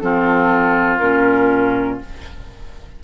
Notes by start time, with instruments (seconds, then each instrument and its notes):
0.00 bassoon F3, clarinet C4, oboe F4, flute A4
0.98 bassoon A#2, clarinet C#4, flute A#4